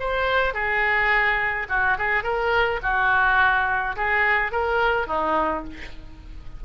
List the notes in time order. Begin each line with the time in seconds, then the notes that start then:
0.00 C5
0.54 G#4
1.69 F#4
1.98 G#4
2.23 A#4
2.83 F#4
3.96 G#4
4.52 A#4
5.07 D#4